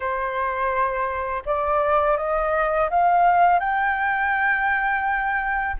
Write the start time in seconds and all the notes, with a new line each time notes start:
0.00 C5
1.45 D5
2.17 D#5
2.89 F5
3.59 G5